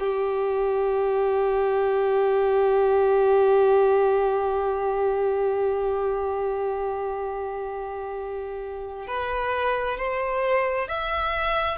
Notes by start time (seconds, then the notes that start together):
0.00 G4
9.07 B4
9.98 C5
10.88 E5